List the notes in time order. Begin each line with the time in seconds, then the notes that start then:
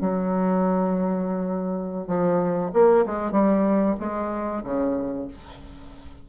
0.00 F#3
2.07 F3
2.73 A#3
3.05 G#3
3.31 G3
3.99 G#3
4.63 C#3